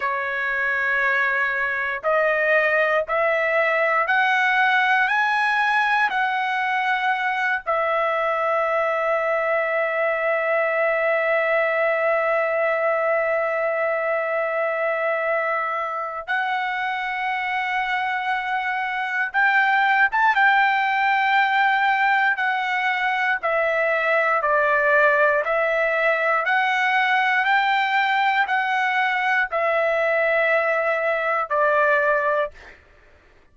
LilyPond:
\new Staff \with { instrumentName = "trumpet" } { \time 4/4 \tempo 4 = 59 cis''2 dis''4 e''4 | fis''4 gis''4 fis''4. e''8~ | e''1~ | e''1 |
fis''2. g''8. a''16 | g''2 fis''4 e''4 | d''4 e''4 fis''4 g''4 | fis''4 e''2 d''4 | }